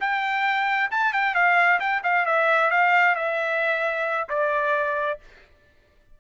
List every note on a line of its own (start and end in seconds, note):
0.00 0.90 G5
0.91 1.13 A5
1.13 1.35 G5
1.35 1.79 F5
1.80 2.02 G5
2.04 2.26 F5
2.26 2.71 E5
2.71 3.16 F5
3.16 4.28 E5
4.29 5.19 D5